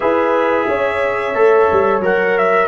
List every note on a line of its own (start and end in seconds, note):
0.00 0.67 E4
0.00 1.34 G#4
0.00 0.67 B4
0.00 2.01 E5
0.67 1.34 C#4
0.67 2.67 C#5
1.34 1.68 A3
1.34 2.02 A4
1.72 1.99 G3
1.99 2.67 F#3
1.99 2.67 A#4
1.99 2.37 F#5
2.37 2.67 E5